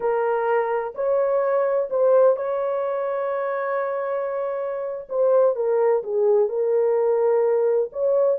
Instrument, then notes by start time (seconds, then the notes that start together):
horn
0.00 A#4
0.94 C#5
1.90 C5
2.36 C#5
5.09 C5
5.55 A#4
6.03 G#4
6.49 A#4
7.92 C#5